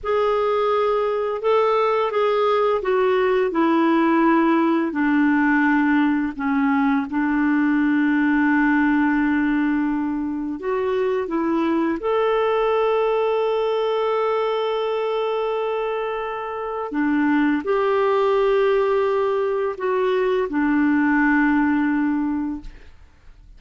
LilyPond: \new Staff \with { instrumentName = "clarinet" } { \time 4/4 \tempo 4 = 85 gis'2 a'4 gis'4 | fis'4 e'2 d'4~ | d'4 cis'4 d'2~ | d'2. fis'4 |
e'4 a'2.~ | a'1 | d'4 g'2. | fis'4 d'2. | }